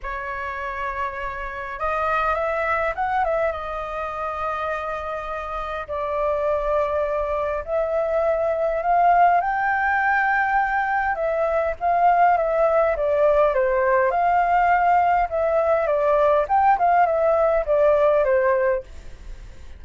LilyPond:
\new Staff \with { instrumentName = "flute" } { \time 4/4 \tempo 4 = 102 cis''2. dis''4 | e''4 fis''8 e''8 dis''2~ | dis''2 d''2~ | d''4 e''2 f''4 |
g''2. e''4 | f''4 e''4 d''4 c''4 | f''2 e''4 d''4 | g''8 f''8 e''4 d''4 c''4 | }